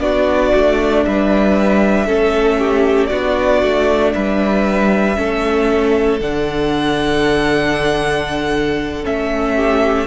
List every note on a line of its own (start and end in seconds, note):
0.00 0.52 B3
0.00 2.08 D4
0.00 1.05 F#4
0.00 1.03 D5
0.55 1.06 A3
1.05 2.07 G3
1.05 2.06 B4
1.05 3.06 E5
2.06 3.11 A3
2.06 3.11 C#4
2.06 2.58 A4
2.59 3.10 G4
3.06 3.63 B3
3.06 5.16 D4
3.06 4.14 F#4
3.06 4.10 D5
3.63 4.15 A3
4.14 5.18 G3
4.14 5.18 B4
4.14 6.20 E5
5.16 6.20 A3
5.16 6.20 C#4
5.16 9.55 A4
6.20 9.05 D3
6.20 9.04 D4
6.20 9.05 F#5
9.04 10.07 A3
9.04 10.07 C#4
9.04 10.07 E5
9.55 10.07 G4